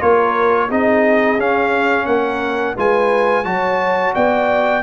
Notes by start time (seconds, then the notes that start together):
0.00 A#3 F4 A#4 C#5
0.67 C4 D#4 G#4 D#5
1.36 C#4 F5
2.05 A#3 A#4 F#5
2.76 G#3 F4 B4 G#5
3.44 F#3 F#4 C#5 A5
4.14 B3 D5 G5